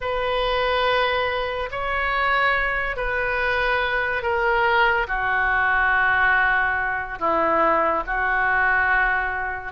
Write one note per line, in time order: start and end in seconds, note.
0.00 1.69 B4
1.71 2.96 C#5
2.96 4.22 B4
4.22 5.06 A#4
5.07 7.18 F#4
7.19 8.03 E4
8.06 9.72 F#4